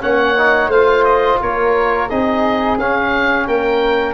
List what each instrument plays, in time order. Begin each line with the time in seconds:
0.00 tuba A#3, trombone C#4, flute C#5, oboe F#5
0.37 trombone D#4
0.67 tuba A3, trombone F4, flute C5, oboe F5
1.04 oboe D#5
1.40 tuba A#3, flute A#4, oboe C#5
2.09 tuba C4, trombone D#4, flute G#4, oboe D#5
2.78 tuba C#4, trombone C#4, oboe F5
3.47 tuba A#3, flute A#4, oboe G5